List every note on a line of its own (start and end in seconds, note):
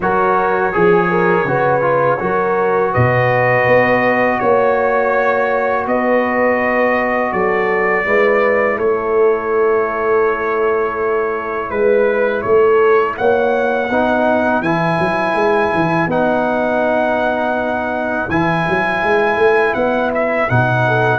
0.00 0.73 F#3
0.00 0.72 F#4
0.00 0.73 A#4
0.00 2.93 C#5
0.72 1.44 F3
0.72 1.46 G#4
0.72 1.10 G#4
1.10 1.46 A#4
1.44 2.17 C#3
1.44 1.81 F#4
1.44 2.20 B4
1.81 2.18 F4
2.19 2.94 F#3
2.19 8.04 F#4
2.19 2.92 A#4
2.92 3.66 B2
2.92 4.38 B4
2.92 4.39 D#5
3.66 4.39 B3
4.39 5.86 A#3
4.39 5.85 C#5
4.39 5.87 C#5
5.86 7.32 B3
5.86 7.32 B4
5.86 7.32 D#5
7.32 8.05 F#3
7.32 8.05 A4
7.32 8.78 D5
8.04 8.79 G#3
8.04 13.89 E4
8.04 8.76 B4
8.76 11.70 A3
8.76 11.69 A4
8.76 11.70 C#5
11.70 12.44 G#3
11.70 12.41 B4
11.70 12.43 B4
12.41 13.17 A3
12.41 13.18 A4
12.41 13.14 C#5
13.17 13.89 A#3
13.17 13.91 C#5
13.17 14.62 F#5
13.89 14.60 B3
13.89 14.63 D#4
13.89 20.86 B4
14.60 14.97 E3
14.60 16.09 E4
14.60 16.09 G#5
14.99 15.34 F#3
15.34 15.71 G#3
15.74 16.07 E3
16.07 18.26 B3
16.07 18.29 D#4
16.07 18.30 F#5
18.28 18.65 E3
18.28 20.49 E4
18.28 19.74 G#5
18.68 19.03 F#3
19.03 19.36 G#3
19.36 19.73 A3
19.74 20.48 B3
19.74 20.10 F#5
20.14 20.49 E5
20.49 21.18 B2
20.49 21.18 D#4
20.49 21.18 F#5
20.86 21.18 A4